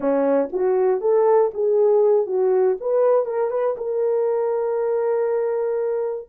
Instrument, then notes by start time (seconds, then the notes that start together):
horn
0.00 C#4
0.52 F#4
1.00 A4
1.54 G#4
2.26 F#4
2.80 B4
3.25 A#4
3.50 B4
3.77 A#4